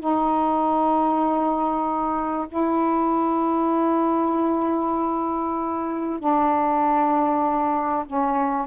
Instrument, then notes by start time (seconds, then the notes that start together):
saxophone
0.00 D#4
2.49 E4
6.20 D4
8.07 C#4